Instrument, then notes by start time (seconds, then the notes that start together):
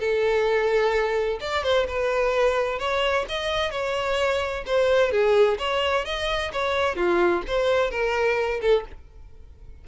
violin
0.00 A4
1.41 D5
1.63 C5
1.88 B4
2.79 C#5
3.29 D#5
3.71 C#5
4.66 C5
5.11 G#4
5.59 C#5
6.05 D#5
6.53 C#5
6.96 F4
7.47 C5
7.91 A#4
8.62 A4